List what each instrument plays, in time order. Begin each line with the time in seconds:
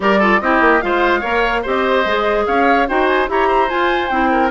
0.00 bassoon G3, clarinet G4, oboe A#4, flute D5
0.19 clarinet F4, oboe A4
0.41 bassoon C4, clarinet E4, oboe G4, flute D#5
0.61 bassoon A#3
0.81 bassoon G#3, clarinet F4, oboe C5, flute F5
1.20 bassoon A#3, clarinet A#4, oboe C#5
1.62 bassoon C4, clarinet G4, oboe C5, flute D#5
2.05 bassoon G#3, clarinet G#4
2.46 bassoon C#4, oboe C#5, flute F5
2.87 bassoon D#4, clarinet F#4, oboe C5, flute G5
3.06 flute G#5
3.27 bassoon E4, clarinet G4, oboe C#5, flute A#5
3.47 oboe C5
3.68 clarinet F4, bassoon F4, flute G#5
4.08 bassoon C4, clarinet E4, flute G5
4.31 oboe A#4